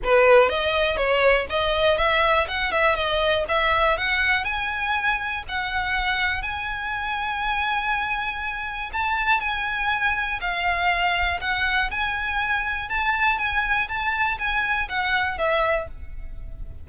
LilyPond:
\new Staff \with { instrumentName = "violin" } { \time 4/4 \tempo 4 = 121 b'4 dis''4 cis''4 dis''4 | e''4 fis''8 e''8 dis''4 e''4 | fis''4 gis''2 fis''4~ | fis''4 gis''2.~ |
gis''2 a''4 gis''4~ | gis''4 f''2 fis''4 | gis''2 a''4 gis''4 | a''4 gis''4 fis''4 e''4 | }